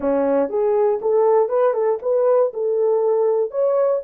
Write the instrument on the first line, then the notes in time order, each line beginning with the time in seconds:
horn
0.00 C#4
0.49 G#4
1.01 A4
1.48 B4
1.73 A4
2.02 B4
2.53 A4
3.50 C#5